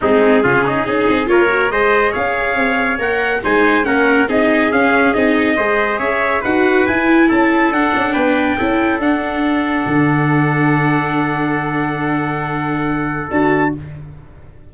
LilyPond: <<
  \new Staff \with { instrumentName = "trumpet" } { \time 4/4 \tempo 4 = 140 gis'2. cis''4 | dis''4 f''2 fis''4 | gis''4 fis''4 dis''4 f''4 | dis''2 e''4 fis''4 |
gis''4 a''4 fis''4 g''4~ | g''4 fis''2.~ | fis''1~ | fis''2. a''4 | }
  \new Staff \with { instrumentName = "trumpet" } { \time 4/4 dis'4 f'8 dis'8 gis'4 ais'4 | c''4 cis''2. | c''4 ais'4 gis'2~ | gis'4 c''4 cis''4 b'4~ |
b'4 a'2 b'4 | a'1~ | a'1~ | a'1 | }
  \new Staff \with { instrumentName = "viola" } { \time 4/4 c'4 cis'4 dis'4 f'8 fis'8 | gis'2. ais'4 | dis'4 cis'4 dis'4 cis'4 | dis'4 gis'2 fis'4 |
e'2 d'2 | e'4 d'2.~ | d'1~ | d'2. fis'4 | }
  \new Staff \with { instrumentName = "tuba" } { \time 4/4 gis4 cis4 cis'8 c'8 ais4 | gis4 cis'4 c'4 ais4 | gis4 ais4 c'4 cis'4 | c'4 gis4 cis'4 dis'4 |
e'4 cis'4 d'8 cis'8 b4 | cis'4 d'2 d4~ | d1~ | d2. d'4 | }
>>